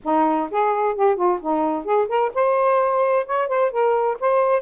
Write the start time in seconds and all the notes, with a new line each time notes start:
0.03 D#4
0.50 G#4
0.95 G4
1.16 F4
1.41 D#4
1.84 G#4
2.08 A#4
2.34 C5
3.26 C#5
3.48 C5
3.71 A#4
4.20 C5